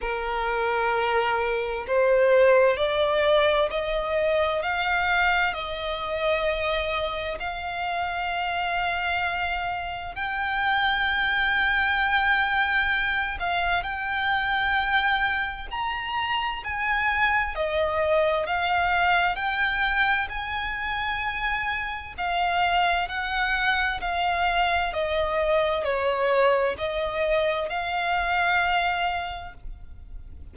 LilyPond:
\new Staff \with { instrumentName = "violin" } { \time 4/4 \tempo 4 = 65 ais'2 c''4 d''4 | dis''4 f''4 dis''2 | f''2. g''4~ | g''2~ g''8 f''8 g''4~ |
g''4 ais''4 gis''4 dis''4 | f''4 g''4 gis''2 | f''4 fis''4 f''4 dis''4 | cis''4 dis''4 f''2 | }